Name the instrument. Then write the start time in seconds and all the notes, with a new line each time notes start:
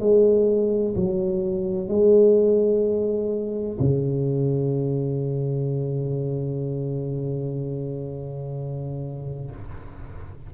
tuba
0.00 G#3
0.96 F#3
1.88 G#3
3.80 C#3